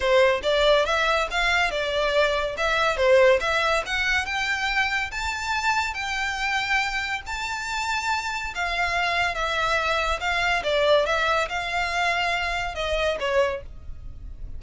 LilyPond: \new Staff \with { instrumentName = "violin" } { \time 4/4 \tempo 4 = 141 c''4 d''4 e''4 f''4 | d''2 e''4 c''4 | e''4 fis''4 g''2 | a''2 g''2~ |
g''4 a''2. | f''2 e''2 | f''4 d''4 e''4 f''4~ | f''2 dis''4 cis''4 | }